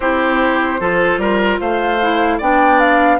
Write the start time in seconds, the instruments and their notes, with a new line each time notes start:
0.00 bassoon C4, clarinet E4, oboe G4, flute C5
0.80 bassoon F3, clarinet F4, oboe A4
1.17 bassoon G3, oboe A#4
1.60 bassoon A3, oboe C5, flute F5
2.01 clarinet E4
2.37 bassoon B3, clarinet D4, oboe D5, flute G5
2.79 flute F5